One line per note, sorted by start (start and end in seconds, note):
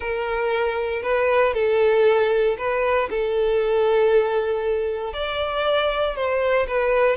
0.00 1.02 A#4
1.02 1.53 B4
1.54 2.56 A4
2.58 3.09 B4
3.10 5.13 A4
5.13 6.15 D5
6.15 6.67 C5
6.67 7.16 B4